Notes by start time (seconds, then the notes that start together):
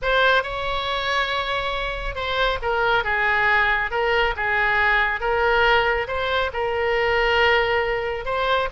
0.02 C5
0.43 C#5
2.15 C5
2.62 A#4
3.03 G#4
3.91 A#4
4.36 G#4
5.20 A#4
6.07 C5
6.53 A#4
8.25 C5